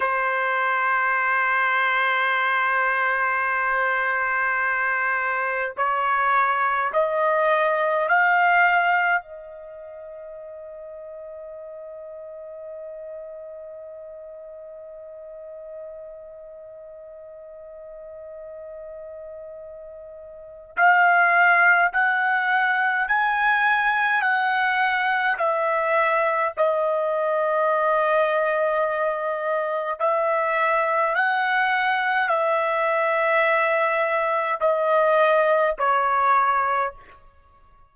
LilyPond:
\new Staff \with { instrumentName = "trumpet" } { \time 4/4 \tempo 4 = 52 c''1~ | c''4 cis''4 dis''4 f''4 | dis''1~ | dis''1~ |
dis''2 f''4 fis''4 | gis''4 fis''4 e''4 dis''4~ | dis''2 e''4 fis''4 | e''2 dis''4 cis''4 | }